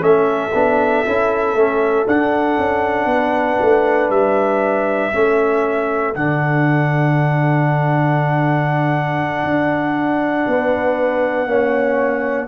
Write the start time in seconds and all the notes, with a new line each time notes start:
0.00 A3 C#4 A4 E5
0.54 B3 D4
1.06 C#4 E4
1.54 A3 C#4
2.07 D4 F#5
2.58 C#4
3.06 B3 B4
3.61 A3
4.10 G3 E5
5.12 A3 C#4 A4
6.15 D3 D4 F#5
9.44 D4
10.47 B3 B4
11.46 A#3 C#4 C#5